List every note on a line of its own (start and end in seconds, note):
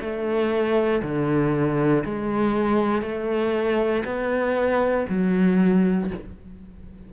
0.00 1.02 A3
1.02 2.04 D3
2.04 3.02 G#3
3.02 4.04 A3
4.04 5.06 B3
5.08 6.10 F#3